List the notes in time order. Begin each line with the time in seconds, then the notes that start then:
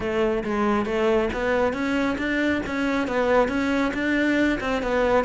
0.00 A3
0.44 G#3
0.85 A3
1.33 B3
1.73 C#4
2.18 D4
2.66 C#4
3.07 B3
3.48 C#4
3.93 D4
4.60 C4
4.82 B3